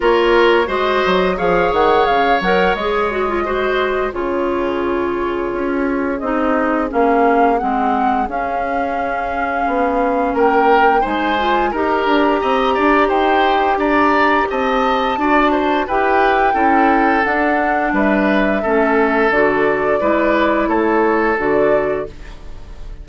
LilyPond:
<<
  \new Staff \with { instrumentName = "flute" } { \time 4/4 \tempo 4 = 87 cis''4 dis''4 f''8 fis''8 f''8 fis''8 | dis''2 cis''2~ | cis''4 dis''4 f''4 fis''4 | f''2. g''4 |
gis''4 ais''2 g''4 | ais''4 a''2 g''4~ | g''4 fis''4 e''2 | d''2 cis''4 d''4 | }
  \new Staff \with { instrumentName = "oboe" } { \time 4/4 ais'4 c''4 cis''2~ | cis''4 c''4 gis'2~ | gis'1~ | gis'2. ais'4 |
c''4 ais'4 dis''8 d''8 c''4 | d''4 dis''4 d''8 c''8 b'4 | a'2 b'4 a'4~ | a'4 b'4 a'2 | }
  \new Staff \with { instrumentName = "clarinet" } { \time 4/4 f'4 fis'4 gis'4. ais'8 | gis'8 fis'16 f'16 fis'4 f'2~ | f'4 dis'4 cis'4 c'4 | cis'1 |
dis'8 f'8 g'2.~ | g'2 fis'4 g'4 | e'4 d'2 cis'4 | fis'4 e'2 fis'4 | }
  \new Staff \with { instrumentName = "bassoon" } { \time 4/4 ais4 gis8 fis8 f8 dis8 cis8 fis8 | gis2 cis2 | cis'4 c'4 ais4 gis4 | cis'2 b4 ais4 |
gis4 dis'8 d'8 c'8 d'8 dis'4 | d'4 c'4 d'4 e'4 | cis'4 d'4 g4 a4 | d4 gis4 a4 d4 | }
>>